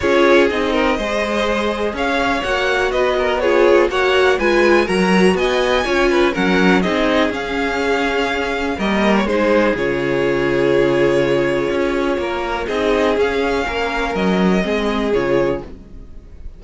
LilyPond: <<
  \new Staff \with { instrumentName = "violin" } { \time 4/4 \tempo 4 = 123 cis''4 dis''2. | f''4 fis''4 dis''4 cis''4 | fis''4 gis''4 ais''4 gis''4~ | gis''4 fis''4 dis''4 f''4~ |
f''2 dis''8. cis''16 c''4 | cis''1~ | cis''2 dis''4 f''4~ | f''4 dis''2 cis''4 | }
  \new Staff \with { instrumentName = "violin" } { \time 4/4 gis'4. ais'8 c''2 | cis''2 b'8 ais'8 gis'4 | cis''4 b'4 ais'4 dis''4 | cis''8 b'8 ais'4 gis'2~ |
gis'2 ais'4 gis'4~ | gis'1~ | gis'4 ais'4 gis'2 | ais'2 gis'2 | }
  \new Staff \with { instrumentName = "viola" } { \time 4/4 f'4 dis'4 gis'2~ | gis'4 fis'2 f'4 | fis'4 f'4 fis'2 | f'4 cis'4 dis'4 cis'4~ |
cis'2 ais4 dis'4 | f'1~ | f'2 dis'4 cis'4~ | cis'2 c'4 f'4 | }
  \new Staff \with { instrumentName = "cello" } { \time 4/4 cis'4 c'4 gis2 | cis'4 ais4 b2 | ais4 gis4 fis4 b4 | cis'4 fis4 c'4 cis'4~ |
cis'2 g4 gis4 | cis1 | cis'4 ais4 c'4 cis'4 | ais4 fis4 gis4 cis4 | }
>>